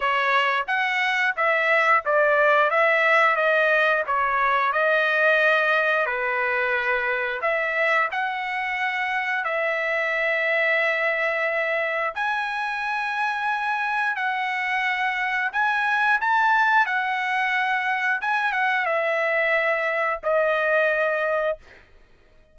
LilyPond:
\new Staff \with { instrumentName = "trumpet" } { \time 4/4 \tempo 4 = 89 cis''4 fis''4 e''4 d''4 | e''4 dis''4 cis''4 dis''4~ | dis''4 b'2 e''4 | fis''2 e''2~ |
e''2 gis''2~ | gis''4 fis''2 gis''4 | a''4 fis''2 gis''8 fis''8 | e''2 dis''2 | }